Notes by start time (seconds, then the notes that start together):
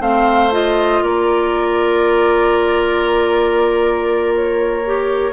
0.00 A3 C4 C5 F5
0.52 F4 D#5
1.02 A#3 A#4 D5
4.35 C#5
4.86 G4